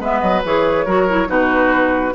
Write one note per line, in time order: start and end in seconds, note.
0.00 0.21 G#3
0.00 0.44 B3
0.00 0.86 B4
0.00 0.20 E5
0.20 0.44 F#3
0.20 0.42 D#5
0.45 0.86 E3
0.45 0.87 G#4
0.45 1.30 C#5
0.86 1.28 F#3
0.86 1.08 F#4
0.86 1.28 A#4
1.09 1.28 E4
1.28 2.14 B2
1.28 2.13 D#4
1.28 2.14 F#4
1.28 2.15 B4